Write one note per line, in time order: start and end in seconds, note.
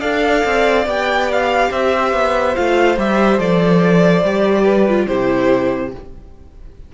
0.00 0.44 D4
0.00 0.86 A4
0.00 1.69 D5
0.00 0.85 F5
0.45 0.86 C4
0.86 1.70 B3
0.86 2.55 G4
0.86 1.32 G5
1.32 1.72 F5
1.71 2.13 C4
1.71 4.64 C5
1.71 2.55 E5
2.13 2.55 B3
2.55 2.97 A3
2.55 2.97 F4
2.55 2.98 F5
2.97 3.39 G3
2.97 3.38 G4
2.97 3.39 E5
3.38 4.23 F3
3.38 4.22 A4
3.38 5.07 D5
4.23 5.07 G3
4.23 4.88 G4
4.64 5.06 B4
4.88 5.08 F4
5.07 5.94 C3
5.07 5.92 E4
5.07 5.92 G4
5.07 5.92 C5